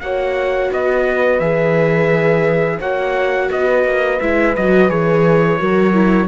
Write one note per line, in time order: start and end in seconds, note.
0.00 0.70 A#3
0.00 1.41 F#4
0.00 0.71 C#5
0.00 0.70 F#5
0.71 1.39 B3
0.71 2.78 B4
0.71 1.39 D#5
1.39 2.79 E3
1.39 2.80 G#4
1.39 2.79 E5
2.78 3.49 A#3
2.78 4.20 F#4
2.78 3.48 C#5
2.78 3.50 F#5
3.50 3.84 B3
3.50 5.59 B4
3.50 4.20 D#5
3.84 4.19 A#3
4.20 4.56 G#3
4.20 4.55 E4
4.20 4.55 E5
4.55 4.90 F#3
4.55 4.88 F#4
4.55 4.89 D#5
4.88 5.60 E3
4.88 5.58 G#4
4.88 6.27 C#5
5.59 6.27 F#3
5.59 5.93 F#4
5.59 6.27 A#4
5.93 6.27 E4